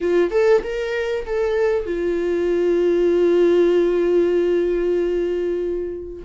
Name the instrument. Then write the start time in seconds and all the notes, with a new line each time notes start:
viola
0.00 F4
0.31 A4
0.63 A#4
1.26 A4
1.86 F4